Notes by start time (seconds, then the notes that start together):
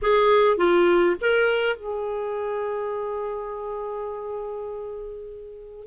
0.02 G#4
0.57 F4
1.20 A#4
1.76 G#4